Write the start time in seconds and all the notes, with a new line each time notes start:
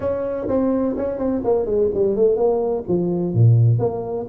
0.00 C#4
0.48 C4
0.97 C#4
1.18 C4
1.44 A#3
1.65 G#3
1.94 G3
2.16 A3
2.36 A#3
2.88 F3
3.33 A#2
3.78 A#3